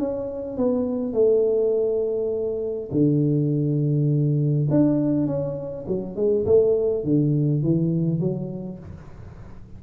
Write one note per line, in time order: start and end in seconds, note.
0.00 0.58 C#4
0.58 1.14 B3
1.14 2.90 A3
2.92 4.69 D3
4.71 5.27 D4
5.27 5.86 C#4
5.88 6.17 F#3
6.17 6.46 G#3
6.46 7.05 A3
7.05 7.63 D3
7.64 8.21 E3
8.21 8.79 F#3